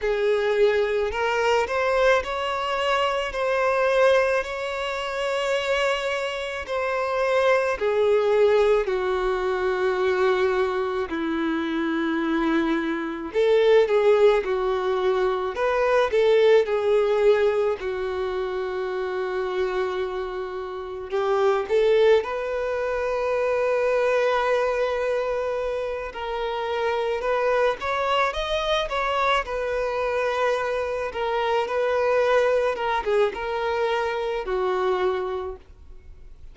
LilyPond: \new Staff \with { instrumentName = "violin" } { \time 4/4 \tempo 4 = 54 gis'4 ais'8 c''8 cis''4 c''4 | cis''2 c''4 gis'4 | fis'2 e'2 | a'8 gis'8 fis'4 b'8 a'8 gis'4 |
fis'2. g'8 a'8 | b'2.~ b'8 ais'8~ | ais'8 b'8 cis''8 dis''8 cis''8 b'4. | ais'8 b'4 ais'16 gis'16 ais'4 fis'4 | }